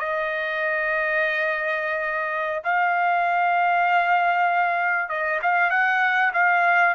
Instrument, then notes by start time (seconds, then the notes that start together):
trumpet
0.00 D#5
2.64 F5
5.09 D#5
5.43 F5
5.71 F#5
6.34 F5